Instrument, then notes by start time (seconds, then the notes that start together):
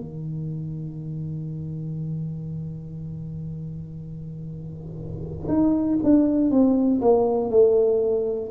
tuba
0.00 D#3
5.48 D#4
6.03 D4
6.51 C4
7.01 A#3
7.50 A3